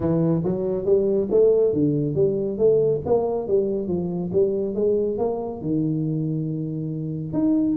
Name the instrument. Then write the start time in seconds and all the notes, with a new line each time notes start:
tuba
0.00 E3
0.44 F#3
0.85 G3
1.31 A3
1.73 D3
2.15 G3
2.57 A3
3.05 A#3
3.47 G3
3.87 F3
4.32 G3
4.74 G#3
5.18 A#3
5.61 D#3
7.33 D#4